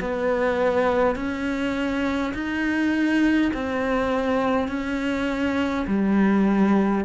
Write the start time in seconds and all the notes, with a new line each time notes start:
0.00 B3
1.16 C#4
2.34 D#4
3.53 C4
4.68 C#4
5.87 G3